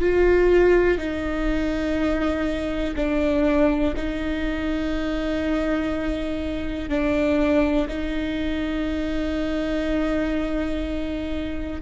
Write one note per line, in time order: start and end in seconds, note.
0.00 0.97 F4
0.97 2.94 D#4
2.96 3.94 D4
3.96 6.89 D#4
6.89 7.87 D4
7.88 11.81 D#4